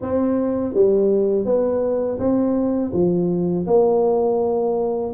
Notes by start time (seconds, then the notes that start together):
0.01 C4
0.74 G3
1.45 B3
2.19 C4
2.93 F3
3.66 A#3